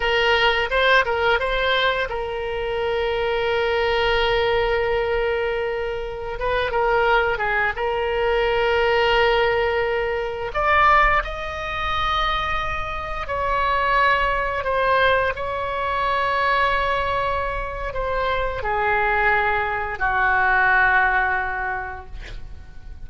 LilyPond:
\new Staff \with { instrumentName = "oboe" } { \time 4/4 \tempo 4 = 87 ais'4 c''8 ais'8 c''4 ais'4~ | ais'1~ | ais'4~ ais'16 b'8 ais'4 gis'8 ais'8.~ | ais'2.~ ais'16 d''8.~ |
d''16 dis''2. cis''8.~ | cis''4~ cis''16 c''4 cis''4.~ cis''16~ | cis''2 c''4 gis'4~ | gis'4 fis'2. | }